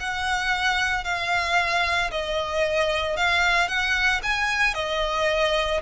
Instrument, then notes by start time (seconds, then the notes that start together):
violin
0.00 F#5
1.05 F5
2.11 D#5
3.17 F5
3.69 F#5
4.23 G#5
4.75 D#5